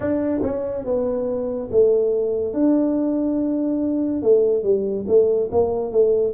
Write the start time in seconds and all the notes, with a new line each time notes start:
0.00 D4
0.42 C#4
0.85 B3
1.71 A3
2.53 D4
4.22 A3
4.62 G3
5.07 A3
5.51 A#3
5.91 A3